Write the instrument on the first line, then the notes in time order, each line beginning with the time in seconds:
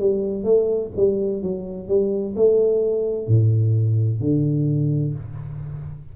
tuba
0.00 G3
0.44 A3
0.96 G3
1.43 F#3
1.88 G3
2.36 A3
3.28 A2
4.21 D3